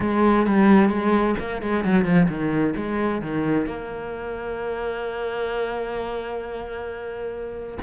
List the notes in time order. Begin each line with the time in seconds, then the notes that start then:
0.00 G#3
0.46 G3
0.89 G#3
1.39 A#3
1.62 G#3
1.84 F#3
2.04 F3
2.28 D#3
2.76 G#3
3.21 D#3
3.66 A#3